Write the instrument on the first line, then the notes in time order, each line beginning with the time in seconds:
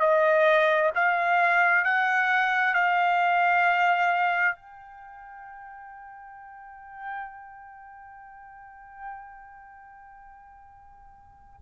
trumpet
0.00 D#5
0.95 F5
1.85 F#5
2.74 F5
4.56 G5